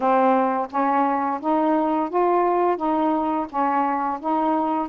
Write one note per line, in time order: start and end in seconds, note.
0.00 0.67 C4
0.70 1.40 C#4
1.40 2.09 D#4
2.09 2.77 F4
2.77 3.46 D#4
3.49 4.19 C#4
4.20 4.88 D#4